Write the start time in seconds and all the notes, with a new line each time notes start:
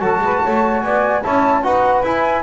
0.00 F#3 F#4 A4 A5
0.19 G#3 B4
0.42 A3 C#5
0.82 B3 D5 G#5
1.23 C#4 E4 C#5 A5
1.63 D#4 F#4 B4 F#5
2.03 E4 G#5